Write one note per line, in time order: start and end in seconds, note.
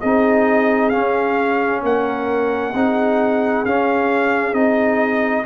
0.00 0.94 C4
0.00 0.92 D#4
0.00 1.82 G#4
0.00 0.90 D#5
0.90 2.74 C#4
0.90 1.83 C#4
0.90 1.80 F5
1.83 2.74 A#3
1.83 2.74 A#4
1.83 3.66 F#5
2.74 3.65 C4
2.74 3.66 D#4
2.74 5.46 G#4
3.65 4.54 C#4
3.65 4.53 C#4
3.65 4.54 F5
4.53 5.45 C4
4.53 5.44 D#4
4.53 5.45 D#5